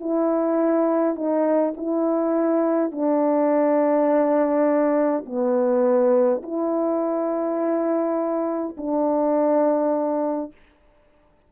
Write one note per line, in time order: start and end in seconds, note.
0.00 1.16 E4
1.16 1.74 D#4
1.77 2.92 E4
2.92 5.25 D4
5.26 6.42 B3
6.43 8.76 E4
8.77 10.52 D4